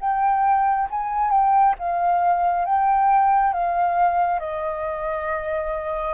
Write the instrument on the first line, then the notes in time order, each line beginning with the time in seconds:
flute
0.00 G5
0.90 G#5
1.31 G5
1.78 F5
2.65 G5
3.53 F5
4.40 D#5